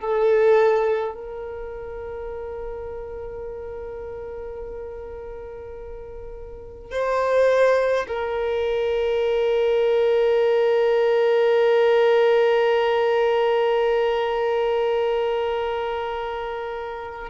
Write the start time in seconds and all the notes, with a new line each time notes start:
0.00 A4
1.15 A#4
6.91 C5
8.08 A#4